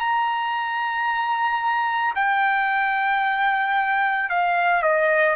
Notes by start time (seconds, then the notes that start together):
0.00 A#5
2.15 G5
4.30 F5
4.83 D#5